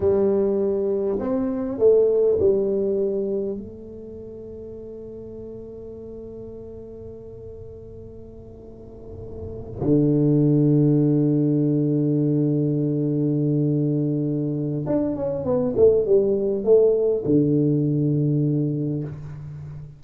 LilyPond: \new Staff \with { instrumentName = "tuba" } { \time 4/4 \tempo 4 = 101 g2 c'4 a4 | g2 a2~ | a1~ | a1~ |
a8 d2.~ d8~ | d1~ | d4 d'8 cis'8 b8 a8 g4 | a4 d2. | }